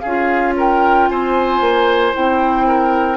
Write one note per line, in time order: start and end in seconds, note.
0.00 1.10 C#4
0.00 0.54 G#4
0.00 0.53 F5
0.07 2.14 F4
0.57 1.10 A#4
0.57 1.09 G5
1.09 1.61 C4
1.09 2.68 C5
1.09 2.14 G#5
1.61 2.13 A#3
2.14 3.17 C4
2.14 3.17 E4
2.14 3.17 G5
2.68 3.17 A#4